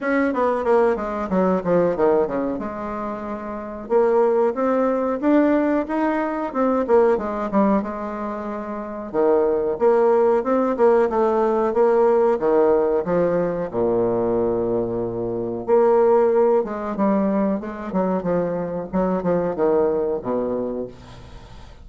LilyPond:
\new Staff \with { instrumentName = "bassoon" } { \time 4/4 \tempo 4 = 92 cis'8 b8 ais8 gis8 fis8 f8 dis8 cis8 | gis2 ais4 c'4 | d'4 dis'4 c'8 ais8 gis8 g8 | gis2 dis4 ais4 |
c'8 ais8 a4 ais4 dis4 | f4 ais,2. | ais4. gis8 g4 gis8 fis8 | f4 fis8 f8 dis4 b,4 | }